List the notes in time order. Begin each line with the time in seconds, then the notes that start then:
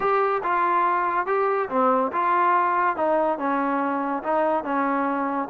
0.00 G4
0.43 F4
1.26 G4
1.69 C4
2.12 F4
2.96 D#4
3.38 C#4
4.23 D#4
4.64 C#4